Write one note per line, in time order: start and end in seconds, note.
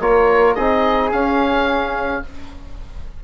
0.00 0.56 A#3
0.00 0.57 F4
0.00 0.56 A#4
0.00 0.55 C#5
0.55 1.13 C4
0.55 1.13 D#4
0.55 2.23 G#4
0.55 1.10 D#5
1.12 2.24 C#4
1.12 2.23 F5